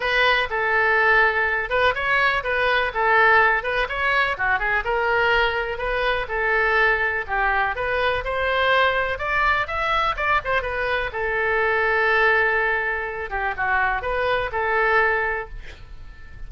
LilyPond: \new Staff \with { instrumentName = "oboe" } { \time 4/4 \tempo 4 = 124 b'4 a'2~ a'8 b'8 | cis''4 b'4 a'4. b'8 | cis''4 fis'8 gis'8 ais'2 | b'4 a'2 g'4 |
b'4 c''2 d''4 | e''4 d''8 c''8 b'4 a'4~ | a'2.~ a'8 g'8 | fis'4 b'4 a'2 | }